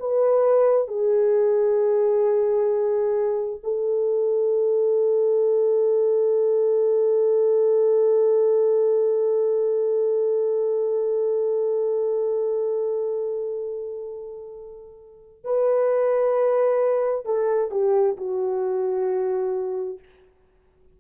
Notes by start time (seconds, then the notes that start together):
0.00 B4
0.88 G#4
3.64 A4
15.44 B4
17.26 A4
17.71 G4
18.17 F#4